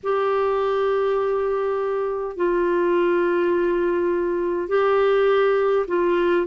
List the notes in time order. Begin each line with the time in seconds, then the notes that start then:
0.03 G4
2.36 F4
4.68 G4
5.87 F4